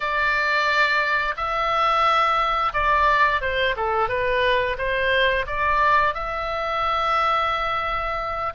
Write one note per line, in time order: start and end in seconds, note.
0.00 1.34 D5
1.36 2.73 E5
2.73 3.41 D5
3.41 3.75 C5
3.76 4.08 A4
4.08 4.76 B4
4.78 5.46 C5
5.46 6.14 D5
6.14 8.53 E5